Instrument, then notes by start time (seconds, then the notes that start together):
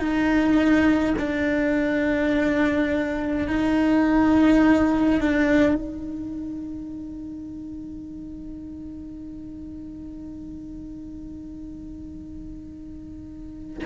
cello
0.00 D#4
1.18 D4
3.48 D#4
5.21 D4
5.75 D#4